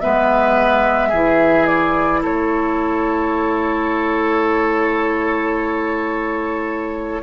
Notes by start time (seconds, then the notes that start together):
0.00 G#3 B3 B4 E5
1.09 E3 E4 G#4
1.66 D5
2.22 A3 A4 C#5